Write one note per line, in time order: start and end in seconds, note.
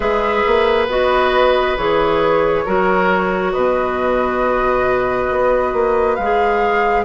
0.00 0.42 G#3
0.00 0.88 G#4
0.00 2.64 B4
0.00 0.87 E5
0.46 0.87 A#3
0.87 1.76 B3
0.87 1.77 F#4
0.87 1.77 D#5
1.77 2.65 E3
1.77 2.65 G#4
1.77 3.52 C#5
2.65 3.55 F#3
2.65 6.18 F#4
2.65 3.52 A#4
3.52 5.30 B2
3.52 7.04 B4
3.52 6.15 D#5
5.30 5.73 B3
5.73 6.17 A#3
6.15 7.04 G#3
6.15 7.03 F5
6.22 7.04 G#4